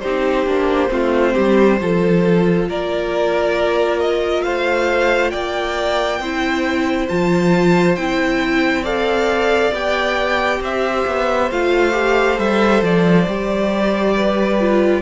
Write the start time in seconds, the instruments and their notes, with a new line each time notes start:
0.00 cello C4, viola D#4, violin G4 C5
0.46 cello A#3, viola D4
0.88 cello A3, viola C4, violin F4
1.33 cello G3, violin G4
1.80 cello F3, viola F4, violin A4
2.69 cello A#3, violin A#4 D5
4.00 violin D#5
4.43 cello A3, violin C5 F5
5.30 cello A#3, violin D5 G5
6.20 cello C4, viola E4, violin C5
7.09 cello F3, viola F4, violin A5
7.96 cello C4, viola E4, violin G5
8.81 viola A4, violin D5 F5
9.72 cello B3, viola G4, violin G5
10.60 cello C4, violin C5 E5
11.07 cello B3
11.51 cello A3, viola F4, violin F5
11.92 viola G4
12.37 cello G3, viola A4, violin E5
12.82 cello F3, violin D5
13.27 cello G3, viola G4
14.16 violin B4
14.60 viola F4